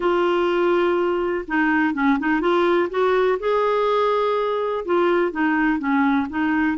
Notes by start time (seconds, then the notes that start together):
0.00 F4
1.47 D#4
1.94 C#4
2.19 D#4
2.40 F4
2.89 F#4
3.39 G#4
4.85 F4
5.31 D#4
5.78 C#4
6.29 D#4